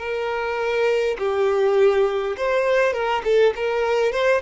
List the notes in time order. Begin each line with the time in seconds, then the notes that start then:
0.00 A#4
1.19 G4
2.37 C5
2.94 A#4
3.25 A4
3.56 A#4
4.13 C5